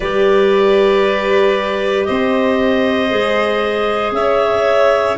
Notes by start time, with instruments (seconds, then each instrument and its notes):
0.00 tuba G3, clarinet G4 D5, violin B4
2.04 tuba C4, violin C5, clarinet D#5
3.09 tuba G#3, clarinet G#4
4.11 tuba C#4, violin C#5, clarinet E5